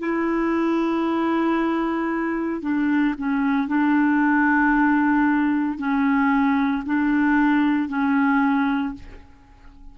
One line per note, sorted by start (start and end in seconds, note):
0.00 2.62 E4
2.62 3.15 D4
3.18 3.68 C#4
3.68 5.78 D4
5.78 6.84 C#4
6.86 7.89 D4
7.89 8.94 C#4